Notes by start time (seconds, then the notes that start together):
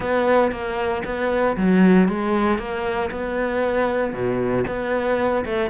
0.00 B3
0.51 A#3
1.04 B3
1.56 F#3
2.08 G#3
2.58 A#3
3.10 B3
4.13 B2
4.67 B3
5.45 A3